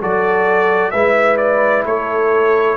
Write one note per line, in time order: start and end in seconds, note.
0.00 0.93 F#3
0.00 0.93 F#4
0.00 0.92 A4
0.00 0.91 D5
0.91 1.85 G#3
0.91 2.77 E4
0.91 1.85 B4
0.91 1.37 E5
1.37 1.83 D5
1.85 2.77 A3
1.85 2.77 A4
1.85 2.77 C#5